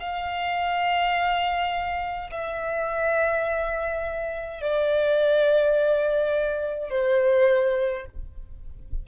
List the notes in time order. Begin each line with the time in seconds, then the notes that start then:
0.00 F5
2.31 E5
4.62 D5
6.90 C5